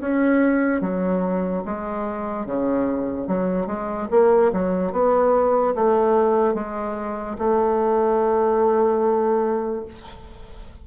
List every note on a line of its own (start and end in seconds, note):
0.00 0.81 C#4
0.81 1.63 F#3
1.65 2.46 G#3
2.46 3.27 C#3
3.27 3.67 F#3
3.67 4.08 G#3
4.11 4.52 A#3
4.52 4.92 F#3
4.92 5.75 B3
5.75 6.55 A3
6.55 7.37 G#3
7.38 9.85 A3